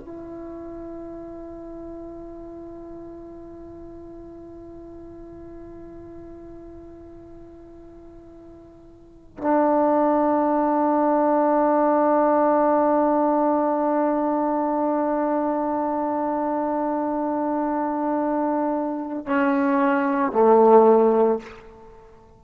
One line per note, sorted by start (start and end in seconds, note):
0.00 9.37 E4
9.38 19.27 D4
19.27 20.32 C#4
20.32 21.40 A3